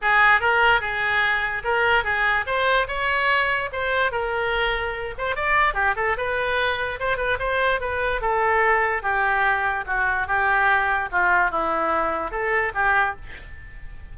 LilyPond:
\new Staff \with { instrumentName = "oboe" } { \time 4/4 \tempo 4 = 146 gis'4 ais'4 gis'2 | ais'4 gis'4 c''4 cis''4~ | cis''4 c''4 ais'2~ | ais'8 c''8 d''4 g'8 a'8 b'4~ |
b'4 c''8 b'8 c''4 b'4 | a'2 g'2 | fis'4 g'2 f'4 | e'2 a'4 g'4 | }